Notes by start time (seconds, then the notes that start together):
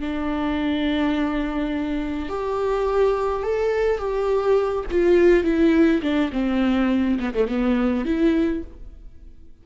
0.00 D4
2.29 G4
3.43 A4
3.98 G4
4.91 F4
5.44 E4
6.02 D4
6.33 C4
7.20 B3
7.34 A3
7.48 B3
8.05 E4